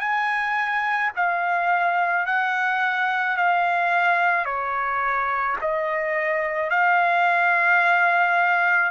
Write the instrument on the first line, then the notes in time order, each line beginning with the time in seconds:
trumpet
0.00 G#5
1.16 F5
2.26 F#5
3.37 F5
4.45 C#5
5.61 D#5
6.70 F5